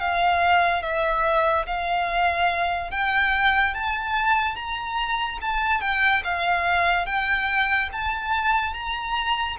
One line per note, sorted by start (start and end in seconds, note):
0.00 0.83 F5
0.83 1.66 E5
1.66 2.91 F5
2.91 3.74 G5
3.75 4.55 A5
4.55 5.39 A#5
5.41 5.81 A5
5.81 6.22 G5
6.24 7.06 F5
7.06 7.89 G5
7.92 8.73 A5
8.73 9.57 A#5